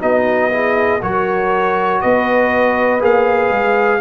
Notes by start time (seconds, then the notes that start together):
0.00 B3 D#4 F#4 D#5
0.50 E4 G#4
1.02 F#3 F#4 A#4 C#5
2.01 B3 B4 D#5
3.00 A#3 G#4 F5
3.50 G#3